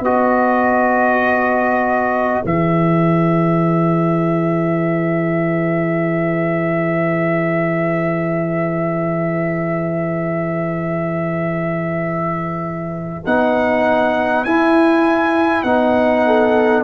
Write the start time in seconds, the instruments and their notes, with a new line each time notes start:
0.00 tuba B3, trombone F#4, horn B4, trumpet D#5
2.44 tuba E3, trombone G#4, trumpet E5
13.26 tuba B3, trombone D#4, trumpet F#5
14.45 tuba E4, trombone E4, trumpet G#5
15.63 tuba B3, trombone D#4, trumpet F#5
16.26 horn A4